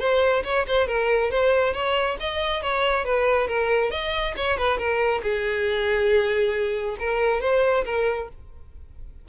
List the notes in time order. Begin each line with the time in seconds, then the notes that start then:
0.00 C5
0.44 C#5
0.68 C5
0.88 A#4
1.31 C5
1.74 C#5
2.20 D#5
2.63 C#5
3.05 B4
3.48 A#4
3.91 D#5
4.37 C#5
4.58 B4
4.78 A#4
5.23 G#4
7.00 A#4
7.41 C5
7.85 A#4